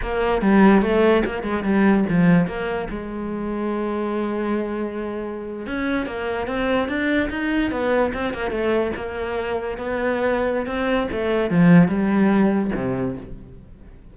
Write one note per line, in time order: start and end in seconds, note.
0.02 0.41 A#3
0.41 0.82 G3
0.82 1.23 A3
1.25 1.43 A#3
1.43 1.63 G#3
1.63 2.05 G3
2.09 2.47 F3
2.47 2.88 A#3
2.89 5.66 G#3
5.66 6.06 C#4
6.06 6.47 A#3
6.47 6.88 C4
6.88 7.29 D4
7.29 7.71 D#4
7.71 8.12 B3
8.13 8.33 C4
8.33 8.50 A#3
8.50 8.91 A3
8.96 9.77 A#3
9.77 10.66 B3
10.66 11.07 C4
11.11 11.50 A3
11.50 11.88 F3
11.88 12.70 G3
12.75 13.16 C3